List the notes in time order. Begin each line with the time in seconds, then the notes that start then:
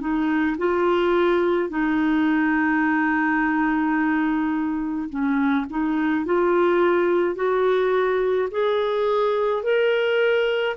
0.00 D#4
0.58 F4
1.69 D#4
5.09 C#4
5.70 D#4
6.25 F4
7.35 F#4
8.51 G#4
9.63 A#4